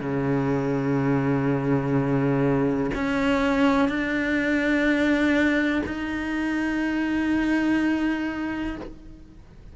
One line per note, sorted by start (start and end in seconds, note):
0.00 2.90 C#3
2.95 3.88 C#4
3.88 5.82 D4
5.86 8.76 D#4